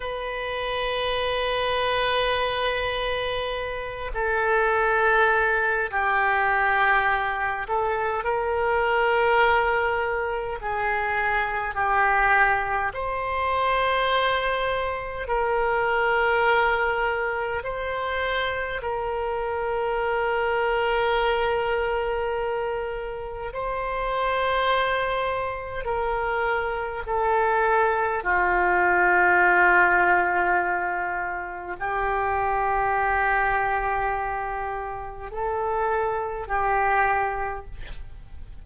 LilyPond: \new Staff \with { instrumentName = "oboe" } { \time 4/4 \tempo 4 = 51 b'2.~ b'8 a'8~ | a'4 g'4. a'8 ais'4~ | ais'4 gis'4 g'4 c''4~ | c''4 ais'2 c''4 |
ais'1 | c''2 ais'4 a'4 | f'2. g'4~ | g'2 a'4 g'4 | }